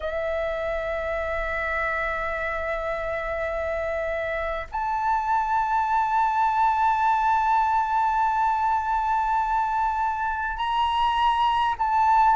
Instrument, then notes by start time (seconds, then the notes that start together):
flute
0.00 E5
4.71 A5
10.57 A#5
11.78 A5